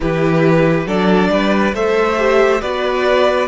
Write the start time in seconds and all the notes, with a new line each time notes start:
0.00 E3 E4 G4 B4
0.86 F#3 D4 A4 D5
1.30 G3 B4
1.74 A3 A4 C5 E5
2.16 G4
2.61 B3 F#4 B4 D5